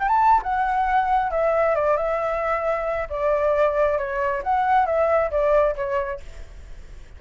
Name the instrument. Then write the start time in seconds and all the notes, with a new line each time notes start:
flute
0.00 G5
0.09 A5
0.43 F#5
1.31 E5
1.75 D5
1.97 E5
3.10 D5
3.99 C#5
4.44 F#5
4.86 E5
5.31 D5
5.76 C#5